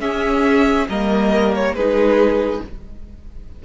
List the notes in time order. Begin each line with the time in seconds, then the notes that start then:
0.00 C#4 G#4 E5
0.89 G3 A#3 A#4 D#5
1.55 C#5
1.73 G#3 D#4 G#4 B4